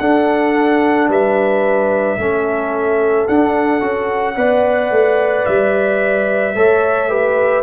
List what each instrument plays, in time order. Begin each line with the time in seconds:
0.00 tuba D4, trombone D4, horn A4, trumpet F#5
1.09 tuba G3, horn B4, trumpet E5
2.18 tuba A3, trombone C#4, horn A4
3.28 tuba D4, trombone D4, trumpet F#5
3.81 tuba C#4, trombone F#4
4.37 tuba B3, trombone B4, horn D5
4.91 tuba A3
5.46 tuba G3, trumpet E5
6.55 tuba A3, trombone A4, horn C#5
7.10 trombone G4, horn B4